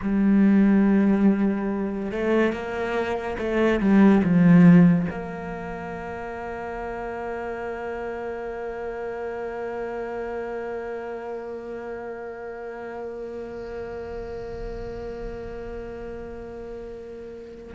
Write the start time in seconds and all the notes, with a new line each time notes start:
0.02 G3
2.11 A3
2.52 A#3
3.38 A3
3.80 G3
4.23 F3
5.10 A#3